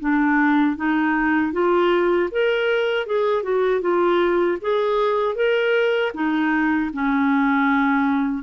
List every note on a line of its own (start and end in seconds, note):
0.00 0.76 D4
0.76 1.52 D#4
1.52 2.29 F4
2.31 3.06 A#4
3.06 3.42 G#4
3.42 3.81 F#4
3.81 4.58 F4
4.61 5.35 G#4
5.35 6.12 A#4
6.14 6.91 D#4
6.93 8.43 C#4